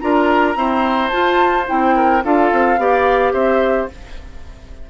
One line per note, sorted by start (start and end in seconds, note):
0.00 0.56 D4
0.00 0.55 F4
0.00 0.57 A#4
0.00 1.09 A#5
0.55 1.10 C4
0.55 1.11 E4
0.55 1.95 C5
1.09 1.67 F4
1.09 1.66 F4
1.09 1.64 A5
1.66 2.24 C4
1.66 2.22 E4
1.66 2.24 G5
1.95 2.23 A#4
2.23 2.52 D4
2.23 2.78 F4
2.23 2.80 A4
2.23 3.32 F5
2.52 2.77 C4
2.77 3.33 B3
2.77 3.89 G4
2.77 3.33 D5
3.32 3.88 C4
3.32 3.88 C5
3.32 3.88 E5